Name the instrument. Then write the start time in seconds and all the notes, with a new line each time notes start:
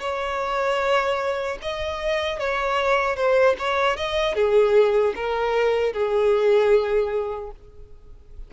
violin
0.00 C#5
1.61 D#5
2.39 C#5
3.16 C5
3.58 C#5
3.96 D#5
4.35 G#4
5.15 A#4
5.93 G#4